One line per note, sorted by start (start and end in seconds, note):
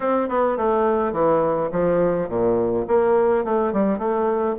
0.00 0.29 C4
0.29 0.57 B3
0.57 1.12 A3
1.12 1.69 E3
1.71 2.28 F3
2.28 2.85 A#2
2.87 3.44 A#3
3.44 3.72 A3
3.72 3.98 G3
3.98 4.55 A3